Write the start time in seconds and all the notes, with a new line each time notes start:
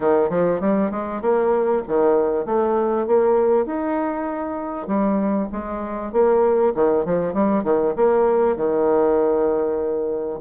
0.00 D#3
0.29 F3
0.60 G3
0.90 G#3
1.21 A#3
1.87 D#3
2.45 A3
3.06 A#3
3.66 D#4
4.87 G3
5.52 G#3
6.12 A#3
6.74 D#3
7.05 F3
7.33 G3
7.63 D#3
7.95 A#3
8.56 D#3